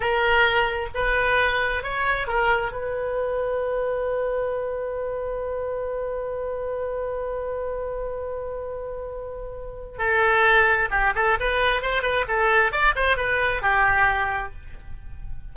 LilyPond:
\new Staff \with { instrumentName = "oboe" } { \time 4/4 \tempo 4 = 132 ais'2 b'2 | cis''4 ais'4 b'2~ | b'1~ | b'1~ |
b'1~ | b'2 a'2 | g'8 a'8 b'4 c''8 b'8 a'4 | d''8 c''8 b'4 g'2 | }